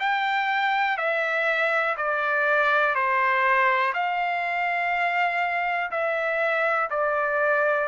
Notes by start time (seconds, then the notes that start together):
0.00 G5
0.97 E5
1.97 D5
2.95 C5
3.94 F5
5.91 E5
6.90 D5